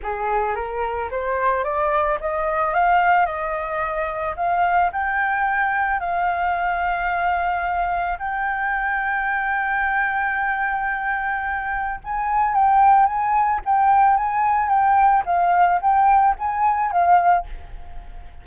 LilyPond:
\new Staff \with { instrumentName = "flute" } { \time 4/4 \tempo 4 = 110 gis'4 ais'4 c''4 d''4 | dis''4 f''4 dis''2 | f''4 g''2 f''4~ | f''2. g''4~ |
g''1~ | g''2 gis''4 g''4 | gis''4 g''4 gis''4 g''4 | f''4 g''4 gis''4 f''4 | }